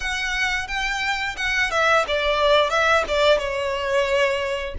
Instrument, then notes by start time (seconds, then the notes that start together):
violin
0.00 F#5
0.67 G5
1.36 F#5
1.70 E5
2.07 D5
2.70 E5
3.08 D5
3.38 C#5